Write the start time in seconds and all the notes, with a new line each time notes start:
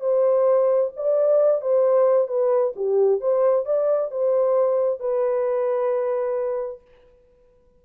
0.00 C5
0.96 D5
1.61 C5
2.27 B4
2.76 G4
3.20 C5
3.65 D5
4.11 C5
4.99 B4